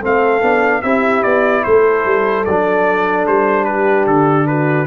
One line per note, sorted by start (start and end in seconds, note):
0.00 0.42 A3
0.00 0.41 C4
0.00 0.81 A4
0.00 0.82 F5
0.42 0.83 B3
0.42 0.83 D4
0.82 1.24 C4
0.82 2.46 E4
0.82 1.64 G4
0.82 1.23 E5
1.23 1.65 B3
1.23 1.64 D5
1.64 2.06 A3
1.64 3.67 A4
1.64 2.45 C5
2.06 2.46 G3
2.45 3.27 F#3
2.45 4.87 D4
2.45 3.26 D5
3.27 4.07 G3
3.27 3.65 C5
3.65 4.48 G4
3.65 4.05 B4
4.07 4.87 D3
4.07 4.47 A4
4.47 4.87 F#4
4.47 4.87 B4